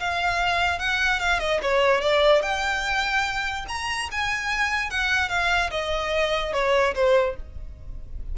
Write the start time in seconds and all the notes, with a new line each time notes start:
0.00 F5
0.79 F#5
1.20 F5
1.40 D#5
1.62 C#5
2.01 D5
2.42 G5
3.68 A#5
4.11 G#5
4.90 F#5
5.29 F5
5.71 D#5
6.53 C#5
6.95 C5